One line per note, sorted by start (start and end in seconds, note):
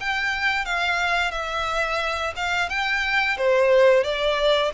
0.00 0.65 G5
0.65 1.31 F5
1.31 2.33 E5
2.36 2.69 F5
2.69 3.37 G5
3.37 4.04 C5
4.04 4.72 D5